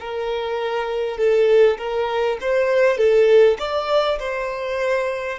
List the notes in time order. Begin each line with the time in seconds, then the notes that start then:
0.00 A#4
1.17 A4
1.78 A#4
2.41 C5
2.97 A4
3.58 D5
4.19 C5